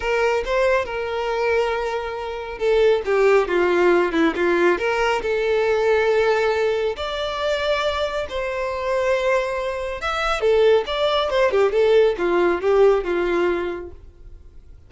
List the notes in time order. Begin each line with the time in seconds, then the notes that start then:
0.00 A#4
0.45 C5
0.85 A#4
2.58 A4
3.05 G4
3.48 F4
4.12 E4
4.35 F4
4.78 A#4
5.22 A4
6.96 D5
8.29 C5
10.01 E5
10.41 A4
10.86 D5
11.29 C5
11.51 G4
11.72 A4
12.17 F4
12.61 G4
13.04 F4